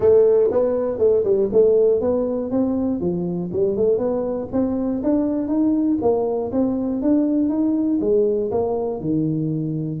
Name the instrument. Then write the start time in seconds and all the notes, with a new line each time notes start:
tuba
0.00 A3
0.51 B3
0.98 A3
1.24 G3
1.52 A3
2.00 B3
2.50 C4
3.00 F3
3.52 G3
3.76 A3
3.98 B3
4.52 C4
5.02 D4
5.47 D#4
6.01 A#3
6.52 C4
7.02 D4
7.49 D#4
8.00 G#3
8.51 A#3
9.00 D#3